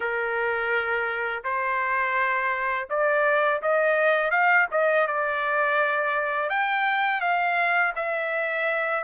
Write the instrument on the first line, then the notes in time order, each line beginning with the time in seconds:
trumpet
0.00 A#4
1.44 C5
2.89 D5
3.61 D#5
4.30 F5
4.71 D#5
5.07 D5
6.49 G5
7.20 F5
7.95 E5